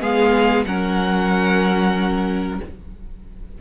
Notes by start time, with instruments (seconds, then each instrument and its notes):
0.00 cello G#3, viola B3, violin G#4 F5
0.64 cello F#3, viola C#4, violin A#4 F#5